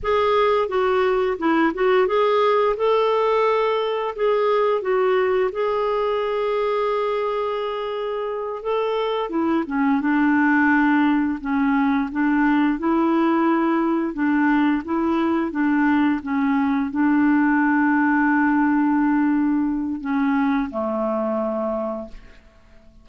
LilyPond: \new Staff \with { instrumentName = "clarinet" } { \time 4/4 \tempo 4 = 87 gis'4 fis'4 e'8 fis'8 gis'4 | a'2 gis'4 fis'4 | gis'1~ | gis'8 a'4 e'8 cis'8 d'4.~ |
d'8 cis'4 d'4 e'4.~ | e'8 d'4 e'4 d'4 cis'8~ | cis'8 d'2.~ d'8~ | d'4 cis'4 a2 | }